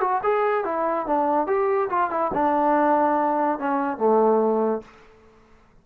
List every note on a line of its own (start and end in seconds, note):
0.00 0.21 F#4
0.23 0.64 G#4
0.64 1.06 E4
1.06 1.47 D4
1.47 1.89 G4
1.89 2.10 F4
2.10 2.31 E4
2.33 3.58 D4
3.58 3.97 C#4
3.97 4.81 A3